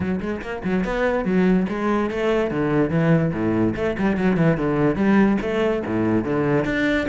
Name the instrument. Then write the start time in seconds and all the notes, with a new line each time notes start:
cello
0.00 F#3
0.20 G#3
0.41 A#3
0.64 F#3
0.84 B3
1.24 F#3
1.68 G#3
2.10 A3
2.50 D3
2.90 E3
3.33 A2
3.75 A3
3.98 G3
4.17 F#3
4.36 E3
4.57 D3
4.95 G3
5.41 A3
5.86 A2
6.24 D3
6.65 D4